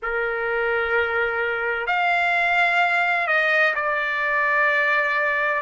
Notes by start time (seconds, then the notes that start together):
0.02 A#4
1.86 F5
3.27 D#5
3.75 D5